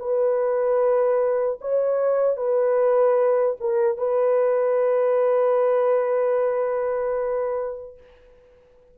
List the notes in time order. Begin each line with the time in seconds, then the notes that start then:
0.00 B4
1.61 C#5
2.37 B4
3.61 A#4
3.98 B4